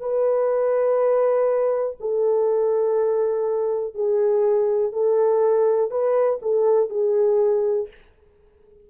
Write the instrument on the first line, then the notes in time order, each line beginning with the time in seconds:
horn
0.00 B4
2.00 A4
3.94 G#4
4.92 A4
5.91 B4
6.42 A4
6.89 G#4